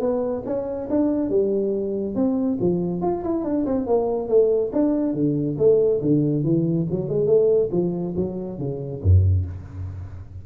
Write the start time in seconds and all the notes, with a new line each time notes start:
0.00 B3
0.46 C#4
0.90 D4
1.30 G3
2.15 C4
2.60 F3
3.02 F4
3.24 E4
3.44 D4
3.66 C4
3.86 A#3
4.28 A3
4.73 D4
5.14 D3
5.58 A3
6.02 D3
6.44 E3
6.91 F#3
7.09 G#3
7.27 A3
7.72 F3
8.17 F#3
8.59 C#3
9.03 F#2